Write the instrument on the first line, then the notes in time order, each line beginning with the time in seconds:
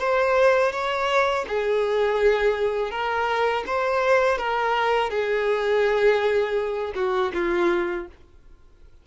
violin
0.00 C5
0.72 C#5
1.48 G#4
2.91 A#4
3.67 C5
4.38 A#4
5.11 G#4
6.96 F#4
7.34 F4